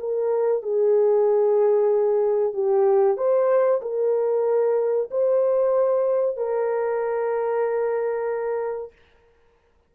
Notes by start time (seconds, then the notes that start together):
0.00 A#4
0.63 G#4
2.54 G4
3.17 C5
3.82 A#4
5.11 C5
6.37 A#4